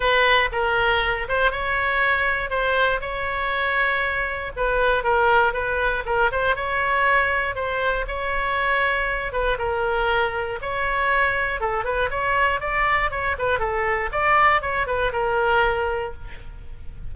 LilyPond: \new Staff \with { instrumentName = "oboe" } { \time 4/4 \tempo 4 = 119 b'4 ais'4. c''8 cis''4~ | cis''4 c''4 cis''2~ | cis''4 b'4 ais'4 b'4 | ais'8 c''8 cis''2 c''4 |
cis''2~ cis''8 b'8 ais'4~ | ais'4 cis''2 a'8 b'8 | cis''4 d''4 cis''8 b'8 a'4 | d''4 cis''8 b'8 ais'2 | }